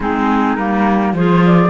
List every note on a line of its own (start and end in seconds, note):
0.00 0.57 G#3
0.00 0.58 C4
0.00 1.13 D#4
0.00 0.55 G#4
0.55 1.12 G3
0.55 1.15 A#3
0.55 1.13 A#4
1.12 1.69 F3
1.12 1.69 F4
1.12 1.69 G#4
1.12 1.44 C5
1.45 1.69 D5